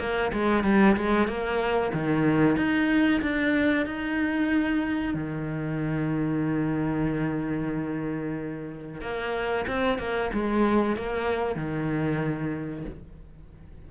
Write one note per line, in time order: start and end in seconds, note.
0.00 0.32 A#3
0.33 0.64 G#3
0.64 0.96 G3
0.97 1.28 G#3
1.28 1.93 A#3
1.94 2.57 D#3
2.57 3.21 D#4
3.22 3.86 D4
3.86 5.15 D#4
5.15 9.02 D#3
9.02 9.66 A#3
9.68 9.99 C4
9.99 10.31 A#3
10.34 10.97 G#3
10.97 11.56 A#3
11.56 12.85 D#3